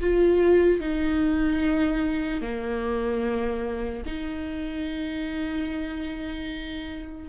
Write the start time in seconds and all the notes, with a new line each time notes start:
0.00 F4
0.80 D#4
2.41 A#3
4.05 D#4